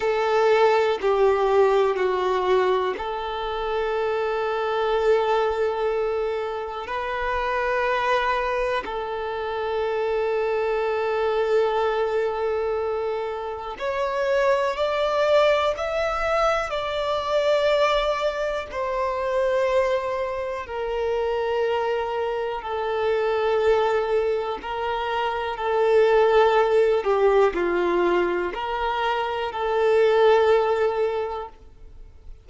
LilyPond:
\new Staff \with { instrumentName = "violin" } { \time 4/4 \tempo 4 = 61 a'4 g'4 fis'4 a'4~ | a'2. b'4~ | b'4 a'2.~ | a'2 cis''4 d''4 |
e''4 d''2 c''4~ | c''4 ais'2 a'4~ | a'4 ais'4 a'4. g'8 | f'4 ais'4 a'2 | }